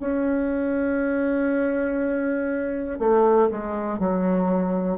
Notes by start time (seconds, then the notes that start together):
0.00 C#4
2.99 A3
3.51 G#3
3.99 F#3